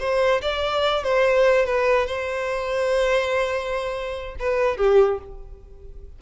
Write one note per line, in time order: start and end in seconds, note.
0.00 0.42 C5
0.42 1.04 D5
1.04 1.66 C5
1.66 2.07 B4
2.07 4.36 C5
4.40 4.78 B4
4.78 5.19 G4